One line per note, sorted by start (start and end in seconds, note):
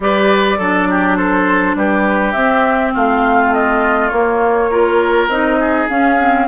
0.00 0.58 G3
0.00 0.60 G4
0.00 0.58 B4
0.00 1.17 D5
0.58 1.75 F#3
0.58 2.35 D4
0.58 0.87 A4
0.89 1.17 G4
1.17 1.76 A4
1.17 1.75 C5
1.75 2.34 G3
1.75 2.93 G4
1.75 2.32 B4
2.32 2.93 C4
2.32 4.11 C4
2.32 2.91 E5
2.93 4.11 A3
2.93 4.70 F4
2.93 3.53 F5
3.53 4.09 D#5
4.09 4.70 A#3
4.09 5.27 A#3
4.09 5.26 C#5
4.70 5.29 F4
4.70 5.59 A#4
5.27 5.86 C4
5.27 5.89 D#4
5.27 5.88 D#5
5.60 6.47 G#4
5.89 6.18 C#4
5.89 6.47 C#4
5.89 6.47 F5
6.19 6.47 C4